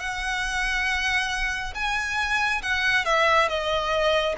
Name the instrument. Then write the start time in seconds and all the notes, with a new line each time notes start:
violin
0.00 F#5
1.75 G#5
2.62 F#5
3.05 E5
3.49 D#5